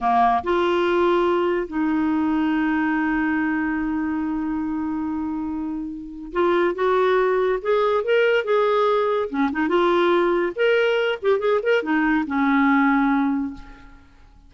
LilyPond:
\new Staff \with { instrumentName = "clarinet" } { \time 4/4 \tempo 4 = 142 ais4 f'2. | dis'1~ | dis'1~ | dis'2. f'4 |
fis'2 gis'4 ais'4 | gis'2 cis'8 dis'8 f'4~ | f'4 ais'4. g'8 gis'8 ais'8 | dis'4 cis'2. | }